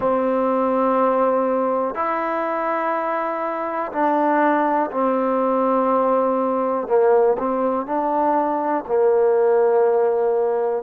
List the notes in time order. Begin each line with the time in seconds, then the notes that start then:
0.00 C4
1.94 E4
3.92 D4
4.91 C4
6.87 A#3
7.38 C4
7.86 D4
8.87 A#3